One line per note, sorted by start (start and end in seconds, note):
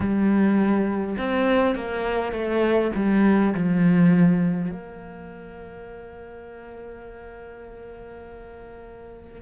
0.00 1.16 G3
1.18 1.75 C4
1.75 2.32 A#3
2.32 2.91 A3
2.95 3.53 G3
3.54 4.71 F3
4.71 9.41 A#3